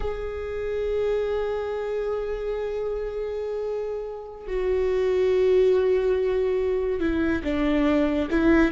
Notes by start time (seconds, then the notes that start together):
0.00 G#4
4.47 F#4
7.00 E4
7.43 D4
8.30 E4